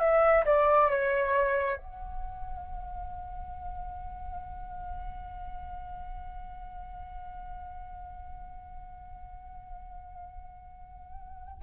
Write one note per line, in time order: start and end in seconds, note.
0.00 0.45 E5
0.46 0.90 D5
0.90 1.77 C#5
1.77 11.63 F#5